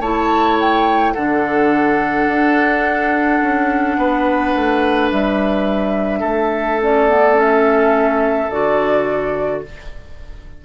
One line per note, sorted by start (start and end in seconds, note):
0.00 1.13 A3
0.00 1.16 E4
0.00 1.14 C#5
0.00 0.58 A5
0.60 1.14 G5
1.14 2.28 D3
1.14 6.82 D4
1.14 3.97 A4
1.14 5.10 F#5
2.28 3.41 D4
3.42 3.97 C#4
3.97 4.54 B3
3.97 6.20 B4
4.56 5.12 A3
5.12 6.22 G3
5.12 6.81 E5
6.20 8.49 A3
6.20 9.60 A4
6.82 7.09 C#4
6.82 7.40 D5
7.09 7.35 B3
7.35 8.48 C#4
7.35 8.50 E5
8.50 9.63 D3
8.50 9.65 F#4
8.50 9.63 D5